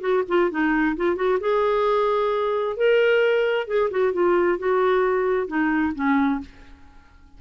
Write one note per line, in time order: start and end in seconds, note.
0.00 0.23 F#4
0.28 0.50 F4
0.50 0.96 D#4
0.96 1.16 F4
1.16 1.38 F#4
1.40 2.76 G#4
2.76 3.67 A#4
3.67 3.90 G#4
3.90 4.13 F#4
4.13 4.58 F4
4.58 5.47 F#4
5.47 5.93 D#4
5.95 6.40 C#4